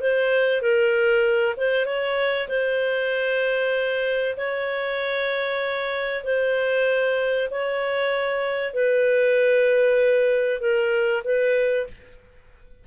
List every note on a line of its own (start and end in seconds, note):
0.00 0.61 C5
0.61 1.55 A#4
1.57 1.86 C5
1.86 2.48 C#5
2.49 4.36 C5
4.37 6.24 C#5
6.24 7.49 C5
7.50 8.74 C#5
8.74 10.61 B4
10.61 11.23 A#4
11.24 11.87 B4